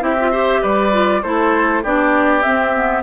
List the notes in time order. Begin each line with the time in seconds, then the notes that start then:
0.00 C4 E4 G4 E5
0.20 F4
0.31 G4 C5
0.61 G3 B4 D5
0.92 F4
1.22 A3 E4 A4 C5
1.83 B3 D4 G4 D5
2.42 C4 E5
2.74 B3